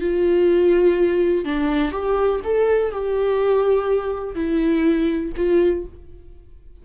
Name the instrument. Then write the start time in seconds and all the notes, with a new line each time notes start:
viola
0.00 F4
1.44 D4
1.91 G4
2.43 A4
2.91 G4
4.35 E4
5.36 F4